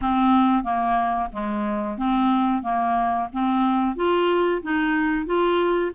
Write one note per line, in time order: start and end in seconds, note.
0.01 0.63 C4
0.63 1.29 A#3
1.32 1.97 G#3
1.97 2.62 C4
2.62 3.28 A#3
3.33 3.96 C4
3.96 4.62 F4
4.62 5.25 D#4
5.25 5.91 F4